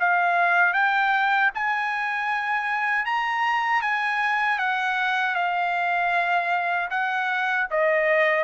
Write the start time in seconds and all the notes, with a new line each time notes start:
0.00 F5
0.74 G5
1.55 G#5
3.06 A#5
3.82 G#5
4.59 F#5
5.35 F5
6.91 F#5
7.71 D#5